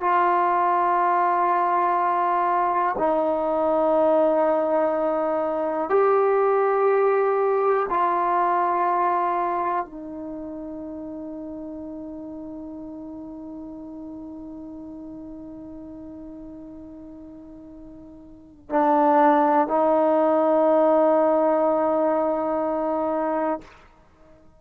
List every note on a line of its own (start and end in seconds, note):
0.00 2.95 F4
2.98 5.89 D#4
5.89 7.86 G4
7.89 9.85 F4
9.85 18.69 D#4
18.69 19.67 D4
19.67 23.61 D#4